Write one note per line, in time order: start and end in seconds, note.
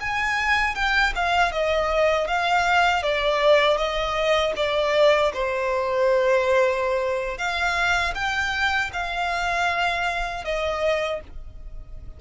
0.00 0.75 G#5
0.75 1.13 G5
1.15 1.52 F5
1.52 2.27 D#5
2.27 3.02 F5
3.02 3.77 D5
3.77 4.53 D#5
4.56 5.32 D5
5.33 7.37 C5
7.37 8.13 F5
8.14 8.90 G5
8.93 10.44 F5
10.44 11.20 D#5